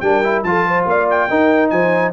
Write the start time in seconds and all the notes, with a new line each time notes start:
0.00 G3 D4 A#4 G5
0.23 E4
0.43 F3 F4 A4 A5
0.67 C5
0.86 A#3 D5 F5
1.10 G5
1.29 D#4 A#4
1.70 F3 C5 G#5